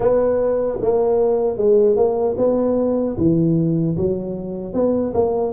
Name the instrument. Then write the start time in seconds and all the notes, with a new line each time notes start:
tuba
0.00 B3
0.81 A#3
1.57 G#3
1.96 A#3
2.37 B3
3.17 E3
3.97 F#3
4.73 B3
5.14 A#3